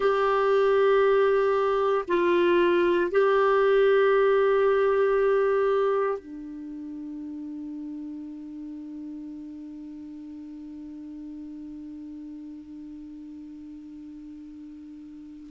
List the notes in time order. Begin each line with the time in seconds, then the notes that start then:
0.00 G4
2.07 F4
3.11 G4
6.18 D4